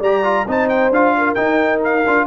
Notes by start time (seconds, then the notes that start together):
0.00 G3 G4 D5 A#5
0.24 F4
0.47 C4 D#4 C5 A5
0.69 G5
0.90 D4 F4 F5
1.18 A#4
1.34 D#4 G5
1.84 F5
2.07 D4 F4